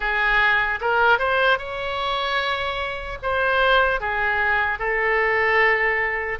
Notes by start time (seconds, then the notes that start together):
0.00 G#4
0.80 A#4
1.19 C5
1.58 C#5
3.22 C5
4.00 G#4
4.79 A4